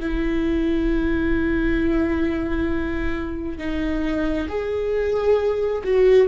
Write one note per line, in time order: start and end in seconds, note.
0.00 3.58 E4
3.59 4.48 D#4
4.49 5.83 G#4
5.84 6.28 F#4